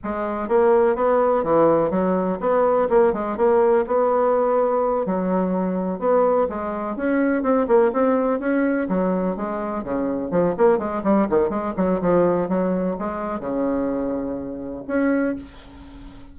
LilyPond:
\new Staff \with { instrumentName = "bassoon" } { \time 4/4 \tempo 4 = 125 gis4 ais4 b4 e4 | fis4 b4 ais8 gis8 ais4 | b2~ b8 fis4.~ | fis8 b4 gis4 cis'4 c'8 |
ais8 c'4 cis'4 fis4 gis8~ | gis8 cis4 f8 ais8 gis8 g8 dis8 | gis8 fis8 f4 fis4 gis4 | cis2. cis'4 | }